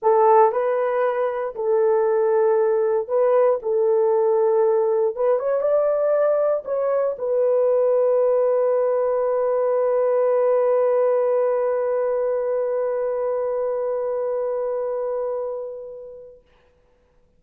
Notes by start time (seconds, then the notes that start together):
0.02 A4
0.52 B4
1.55 A4
3.08 B4
3.62 A4
5.15 B4
5.39 C#5
5.61 D5
6.65 C#5
7.18 B4